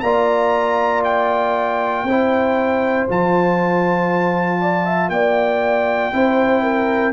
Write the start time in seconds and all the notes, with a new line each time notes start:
0.00 A#3 F4 D5 A#5
1.04 G5
2.04 C4 E4 C5
3.08 F3 F4 A5
4.61 D5
4.85 E5
5.08 A#3 D5 G5
6.12 C4 E4 C5
6.62 A#4